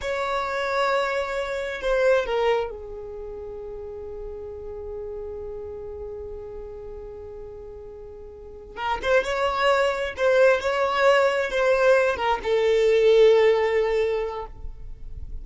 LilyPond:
\new Staff \with { instrumentName = "violin" } { \time 4/4 \tempo 4 = 133 cis''1 | c''4 ais'4 gis'2~ | gis'1~ | gis'1~ |
gis'2.~ gis'8 ais'8 | c''8 cis''2 c''4 cis''8~ | cis''4. c''4. ais'8 a'8~ | a'1 | }